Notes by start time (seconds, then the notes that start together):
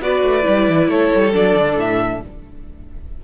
0.00 B3 F#4 B4 D5
0.23 A3
0.42 G3 E4
0.69 E3
0.87 A3 A4 C#5
1.15 G3
1.32 F#3 D4 D5
1.56 D3
1.76 A2 E5